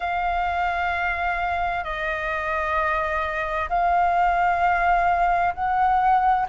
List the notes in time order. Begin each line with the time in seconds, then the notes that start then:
0.00 F5
1.84 D#5
3.69 F5
5.54 F#5